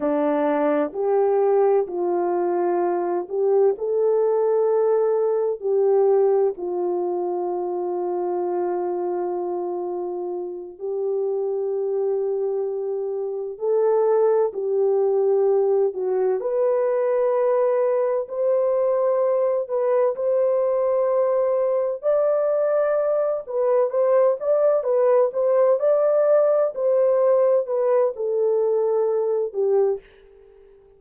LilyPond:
\new Staff \with { instrumentName = "horn" } { \time 4/4 \tempo 4 = 64 d'4 g'4 f'4. g'8 | a'2 g'4 f'4~ | f'2.~ f'8 g'8~ | g'2~ g'8 a'4 g'8~ |
g'4 fis'8 b'2 c''8~ | c''4 b'8 c''2 d''8~ | d''4 b'8 c''8 d''8 b'8 c''8 d''8~ | d''8 c''4 b'8 a'4. g'8 | }